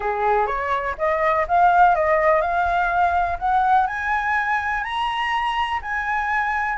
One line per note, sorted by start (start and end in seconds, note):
0.00 0.47 G#4
0.47 0.95 C#5
0.98 1.46 D#5
1.48 1.95 F5
1.95 2.41 D#5
2.41 3.38 F5
3.38 3.86 F#5
3.86 4.83 G#5
4.83 5.80 A#5
5.82 6.77 G#5